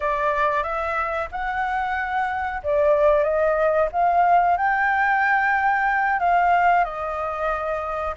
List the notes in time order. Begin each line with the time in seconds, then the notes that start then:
0.00 D5
0.63 E5
1.31 F#5
2.63 D5
3.23 D#5
3.92 F5
4.57 G5
6.19 F5
6.84 D#5